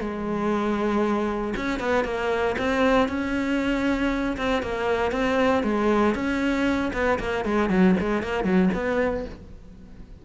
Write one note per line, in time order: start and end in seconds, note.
0.00 1.54 G#3
1.56 1.79 C#4
1.79 2.04 B3
2.04 2.55 A#3
2.58 3.08 C4
3.08 4.36 C#4
4.37 4.62 C4
4.62 5.11 A#3
5.11 5.63 C4
5.63 6.14 G#3
6.14 6.91 C#4
6.93 7.18 B3
7.19 7.45 A#3
7.45 7.69 G#3
7.69 7.95 F#3
8.00 8.23 G#3
8.23 8.44 A#3
8.44 8.69 F#3
8.74 9.25 B3